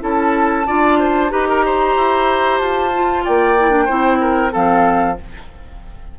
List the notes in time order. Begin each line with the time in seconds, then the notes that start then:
0.00 C#4 E4 A4 A5
0.67 D4 F4 D5
0.99 C5
1.30 D#4 G4 B4 A#5
1.49 A#4
1.65 C5
1.96 E4
2.59 F4 A5
2.94 F4
3.24 A#3 D5 G5
3.59 E4
3.71 D4
3.85 C4 E4 C5
4.21 A#4
4.51 F3 C4 A4 F5